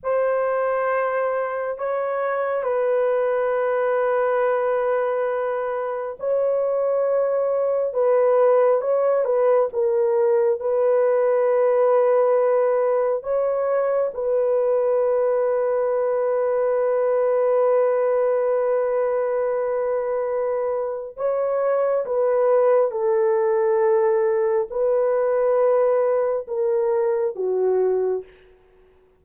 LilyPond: \new Staff \with { instrumentName = "horn" } { \time 4/4 \tempo 4 = 68 c''2 cis''4 b'4~ | b'2. cis''4~ | cis''4 b'4 cis''8 b'8 ais'4 | b'2. cis''4 |
b'1~ | b'1 | cis''4 b'4 a'2 | b'2 ais'4 fis'4 | }